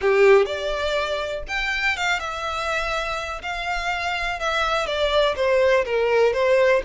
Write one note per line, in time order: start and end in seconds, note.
0.01 0.45 G4
0.45 1.43 D5
1.48 1.96 G5
1.96 2.19 F5
2.19 3.41 E5
3.42 4.39 F5
4.39 4.86 E5
4.86 5.35 D5
5.36 5.84 C5
5.85 6.33 A#4
6.33 6.82 C5